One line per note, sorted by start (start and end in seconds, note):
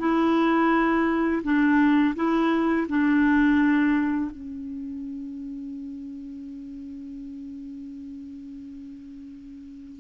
0.00 1.43 E4
1.44 2.15 D4
2.16 2.87 E4
2.89 4.31 D4
4.31 10.00 C#4